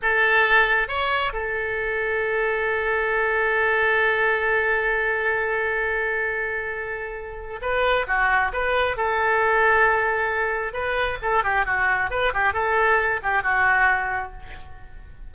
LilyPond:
\new Staff \with { instrumentName = "oboe" } { \time 4/4 \tempo 4 = 134 a'2 cis''4 a'4~ | a'1~ | a'1~ | a'1~ |
a'4 b'4 fis'4 b'4 | a'1 | b'4 a'8 g'8 fis'4 b'8 g'8 | a'4. g'8 fis'2 | }